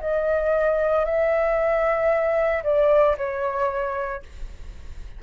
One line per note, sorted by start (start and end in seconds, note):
0.00 1.05 D#5
1.05 2.63 E5
2.63 3.16 D5
3.17 4.22 C#5